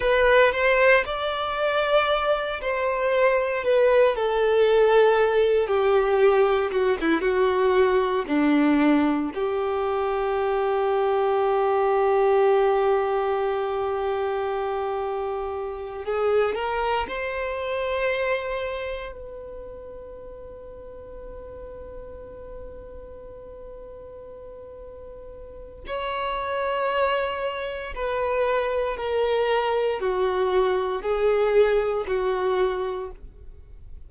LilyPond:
\new Staff \with { instrumentName = "violin" } { \time 4/4 \tempo 4 = 58 b'8 c''8 d''4. c''4 b'8 | a'4. g'4 fis'16 e'16 fis'4 | d'4 g'2.~ | g'2.~ g'8 gis'8 |
ais'8 c''2 b'4.~ | b'1~ | b'4 cis''2 b'4 | ais'4 fis'4 gis'4 fis'4 | }